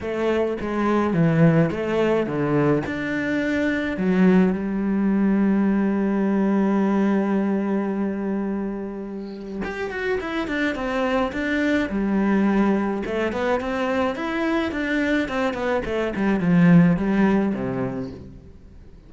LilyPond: \new Staff \with { instrumentName = "cello" } { \time 4/4 \tempo 4 = 106 a4 gis4 e4 a4 | d4 d'2 fis4 | g1~ | g1~ |
g4 g'8 fis'8 e'8 d'8 c'4 | d'4 g2 a8 b8 | c'4 e'4 d'4 c'8 b8 | a8 g8 f4 g4 c4 | }